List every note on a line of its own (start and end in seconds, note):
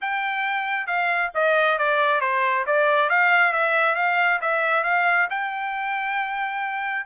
0.01 0.86 G5
0.86 1.30 F5
1.34 1.78 D#5
1.78 2.21 D5
2.21 2.65 C5
2.66 3.09 D5
3.09 3.52 F5
3.52 3.95 E5
3.95 4.39 F5
4.41 4.83 E5
4.83 5.27 F5
5.29 7.05 G5